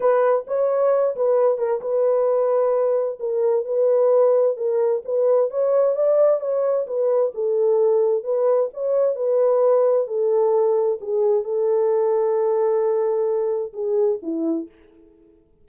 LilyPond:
\new Staff \with { instrumentName = "horn" } { \time 4/4 \tempo 4 = 131 b'4 cis''4. b'4 ais'8 | b'2. ais'4 | b'2 ais'4 b'4 | cis''4 d''4 cis''4 b'4 |
a'2 b'4 cis''4 | b'2 a'2 | gis'4 a'2.~ | a'2 gis'4 e'4 | }